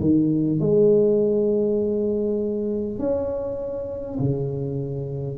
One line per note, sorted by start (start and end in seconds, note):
0.00 0.59 D#3
0.59 2.98 G#3
2.98 4.18 C#4
4.19 5.38 C#3